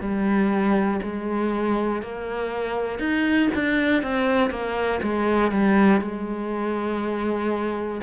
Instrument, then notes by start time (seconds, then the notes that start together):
cello
0.00 G3
1.03 G#3
2.02 A#3
2.99 D#4
3.55 D4
4.03 C4
4.50 A#3
5.03 G#3
5.51 G3
6.01 G#3